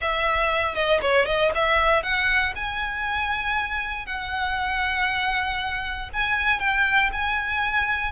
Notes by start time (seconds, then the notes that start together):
0.01 E5
0.74 D#5
1.01 C#5
1.25 D#5
1.54 E5
2.02 F#5
2.55 G#5
4.06 F#5
6.13 G#5
6.59 G5
7.12 G#5